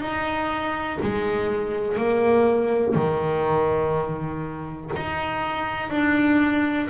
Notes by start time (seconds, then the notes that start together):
0.00 D#4
1.02 G#3
1.97 A#3
2.95 D#3
4.96 D#4
5.90 D4